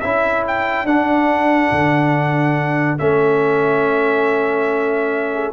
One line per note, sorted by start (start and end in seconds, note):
0.00 0.84 C#4
0.00 0.87 E4
0.00 5.33 A4
0.00 0.43 E5
0.47 0.86 G5
0.84 1.69 D4
0.84 2.98 D4
0.84 2.98 F#5
1.71 2.99 D3
2.98 5.53 A3
2.98 5.53 C#4
2.98 5.53 E5
5.33 5.53 G#4